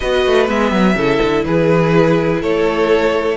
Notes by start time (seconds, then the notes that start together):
0.00 B3 F#4 B4 D#5
0.26 A3
0.47 G#3 B3 E5
0.71 F#3
0.94 C#3 E4 A4
1.22 D3
1.44 E3 G#4 B4
2.41 A3 A4 C#5